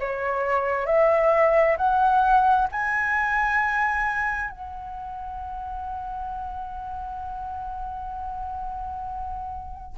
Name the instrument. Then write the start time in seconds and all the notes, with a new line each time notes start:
flute
0.00 C#5
0.86 E5
1.77 F#5
2.71 G#5
4.50 F#5